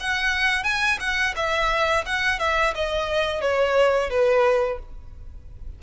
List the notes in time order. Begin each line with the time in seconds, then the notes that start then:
0.00 F#5
0.64 G#5
1.00 F#5
1.36 E5
2.06 F#5
2.39 E5
2.75 D#5
3.41 C#5
4.10 B4